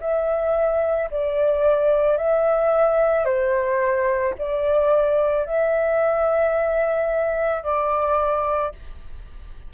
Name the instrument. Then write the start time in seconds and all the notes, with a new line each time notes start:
flute
0.00 E5
1.11 D5
2.17 E5
3.25 C5
4.38 D5
5.45 E5
7.63 D5